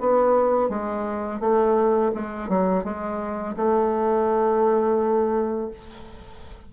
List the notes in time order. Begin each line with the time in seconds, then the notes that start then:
0.00 B3
0.69 G#3
1.40 A3
2.14 G#3
2.48 F#3
2.83 G#3
3.56 A3